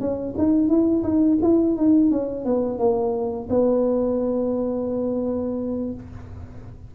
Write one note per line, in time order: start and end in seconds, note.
0.00 0.35 C#4
0.37 0.68 D#4
0.68 1.03 E4
1.03 1.38 D#4
1.42 1.76 E4
1.76 2.11 D#4
2.11 2.45 C#4
2.45 2.78 B3
2.78 3.48 A#3
3.49 5.94 B3